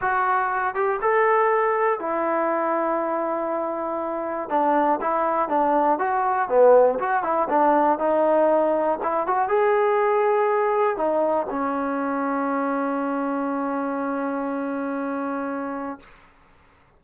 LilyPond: \new Staff \with { instrumentName = "trombone" } { \time 4/4 \tempo 4 = 120 fis'4. g'8 a'2 | e'1~ | e'4 d'4 e'4 d'4 | fis'4 b4 fis'8 e'8 d'4 |
dis'2 e'8 fis'8 gis'4~ | gis'2 dis'4 cis'4~ | cis'1~ | cis'1 | }